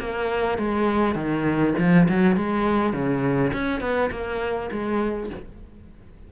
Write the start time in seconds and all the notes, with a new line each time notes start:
0.00 A#3
0.59 G#3
1.15 D#3
1.79 F3
2.09 F#3
2.37 G#3
2.93 C#3
3.53 C#4
3.81 B3
4.11 A#3
4.72 G#3